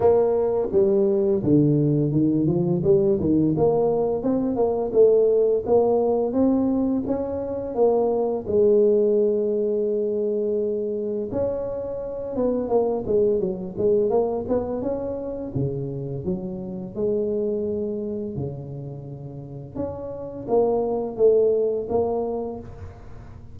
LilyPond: \new Staff \with { instrumentName = "tuba" } { \time 4/4 \tempo 4 = 85 ais4 g4 d4 dis8 f8 | g8 dis8 ais4 c'8 ais8 a4 | ais4 c'4 cis'4 ais4 | gis1 |
cis'4. b8 ais8 gis8 fis8 gis8 | ais8 b8 cis'4 cis4 fis4 | gis2 cis2 | cis'4 ais4 a4 ais4 | }